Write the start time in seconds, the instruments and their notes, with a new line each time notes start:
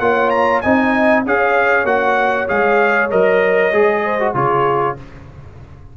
0.00 tuba A#3, trombone F4, horn C#5, trumpet F#5
0.30 trumpet A#5
0.62 tuba C4, trombone D#4, horn D#5, trumpet G#5
1.26 tuba C#4, trombone G#4, horn C#5, trumpet F5
1.85 tuba A#3, trombone F#4, trumpet F#5
2.48 tuba G#3, trombone G#4, trumpet F5
3.11 tuba F#3, trombone A#4, trumpet D#5
3.73 tuba G#3, trombone G#4
4.04 horn C5
4.20 trombone F#4
4.34 tuba C#3, trombone F4, horn G#4, trumpet C#5